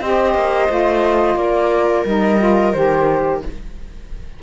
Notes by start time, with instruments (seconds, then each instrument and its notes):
0.00 cello C4, saxophone G4, viola C5, flute D#5
0.34 cello A#3
0.68 cello A3, saxophone F4
1.35 cello A#3, viola A#4, flute D5
2.05 cello G3, saxophone D#4, flute D#5
2.39 saxophone F4
2.72 cello D#3, saxophone G4, flute C5